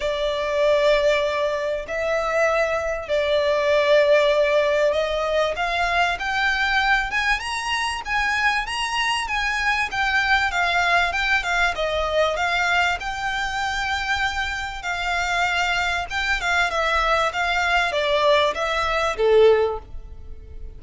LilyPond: \new Staff \with { instrumentName = "violin" } { \time 4/4 \tempo 4 = 97 d''2. e''4~ | e''4 d''2. | dis''4 f''4 g''4. gis''8 | ais''4 gis''4 ais''4 gis''4 |
g''4 f''4 g''8 f''8 dis''4 | f''4 g''2. | f''2 g''8 f''8 e''4 | f''4 d''4 e''4 a'4 | }